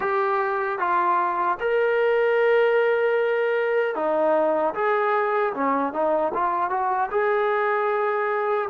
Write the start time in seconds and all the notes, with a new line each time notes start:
0.00 G4
0.79 F4
1.60 A#4
3.95 D#4
4.74 G#4
5.53 C#4
5.92 D#4
6.34 F4
6.70 F#4
7.11 G#4